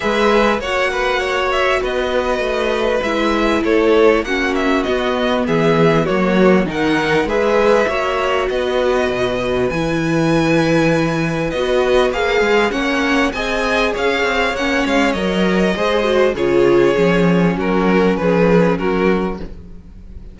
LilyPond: <<
  \new Staff \with { instrumentName = "violin" } { \time 4/4 \tempo 4 = 99 e''4 fis''4. e''8 dis''4~ | dis''4 e''4 cis''4 fis''8 e''8 | dis''4 e''4 cis''4 fis''4 | e''2 dis''2 |
gis''2. dis''4 | f''4 fis''4 gis''4 f''4 | fis''8 f''8 dis''2 cis''4~ | cis''4 ais'4 b'4 ais'4 | }
  \new Staff \with { instrumentName = "violin" } { \time 4/4 b'4 cis''8 b'8 cis''4 b'4~ | b'2 a'4 fis'4~ | fis'4 gis'4 fis'4 ais'4 | b'4 cis''4 b'2~ |
b'1~ | b'4 cis''4 dis''4 cis''4~ | cis''2 c''4 gis'4~ | gis'4 fis'4 gis'4 fis'4 | }
  \new Staff \with { instrumentName = "viola" } { \time 4/4 gis'4 fis'2.~ | fis'4 e'2 cis'4 | b2 ais4 dis'4 | gis'4 fis'2. |
e'2. fis'4 | gis'4 cis'4 gis'2 | cis'4 ais'4 gis'8 fis'8 f'4 | cis'1 | }
  \new Staff \with { instrumentName = "cello" } { \time 4/4 gis4 ais2 b4 | a4 gis4 a4 ais4 | b4 e4 fis4 dis4 | gis4 ais4 b4 b,4 |
e2. b4 | ais8 gis8 ais4 c'4 cis'8 c'8 | ais8 gis8 fis4 gis4 cis4 | f4 fis4 f4 fis4 | }
>>